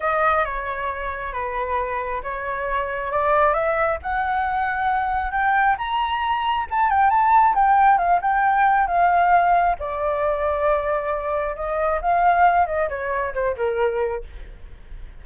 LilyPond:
\new Staff \with { instrumentName = "flute" } { \time 4/4 \tempo 4 = 135 dis''4 cis''2 b'4~ | b'4 cis''2 d''4 | e''4 fis''2. | g''4 ais''2 a''8 g''8 |
a''4 g''4 f''8 g''4. | f''2 d''2~ | d''2 dis''4 f''4~ | f''8 dis''8 cis''4 c''8 ais'4. | }